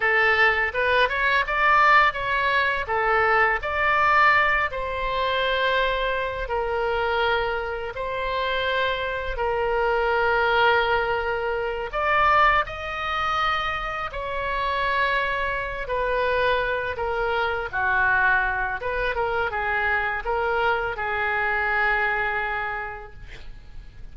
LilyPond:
\new Staff \with { instrumentName = "oboe" } { \time 4/4 \tempo 4 = 83 a'4 b'8 cis''8 d''4 cis''4 | a'4 d''4. c''4.~ | c''4 ais'2 c''4~ | c''4 ais'2.~ |
ais'8 d''4 dis''2 cis''8~ | cis''2 b'4. ais'8~ | ais'8 fis'4. b'8 ais'8 gis'4 | ais'4 gis'2. | }